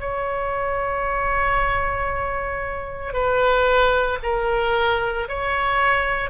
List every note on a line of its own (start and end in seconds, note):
0.00 3.13 C#5
3.13 4.19 B4
4.23 5.28 A#4
5.29 6.30 C#5